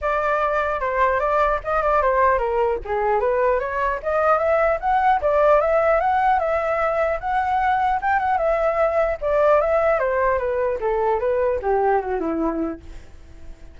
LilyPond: \new Staff \with { instrumentName = "flute" } { \time 4/4 \tempo 4 = 150 d''2 c''4 d''4 | dis''8 d''8 c''4 ais'4 gis'4 | b'4 cis''4 dis''4 e''4 | fis''4 d''4 e''4 fis''4 |
e''2 fis''2 | g''8 fis''8 e''2 d''4 | e''4 c''4 b'4 a'4 | b'4 g'4 fis'8 e'4. | }